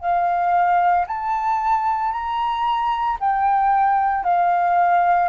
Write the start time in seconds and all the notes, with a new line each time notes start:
0.00 F5
1.07 A5
2.11 A#5
3.20 G5
4.23 F5